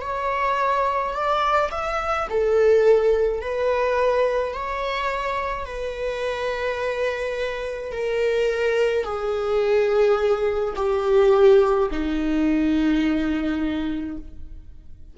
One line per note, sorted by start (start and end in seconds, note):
0.00 1.13 C#5
1.13 1.69 D5
1.71 2.27 E5
2.30 3.41 A4
3.41 4.53 B4
4.53 5.65 C#5
5.65 7.91 B4
7.91 9.04 A#4
9.04 10.73 G#4
10.75 11.89 G4
11.90 14.17 D#4